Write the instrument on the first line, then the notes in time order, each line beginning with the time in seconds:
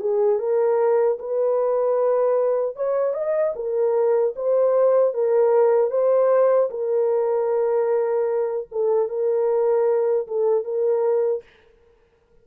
horn
0.00 G#4
0.39 A#4
1.19 B4
2.76 C#5
3.14 D#5
3.56 A#4
4.36 C5
5.14 A#4
5.91 C5
6.70 A#4
8.72 A4
9.09 A#4
10.27 A4
10.64 A#4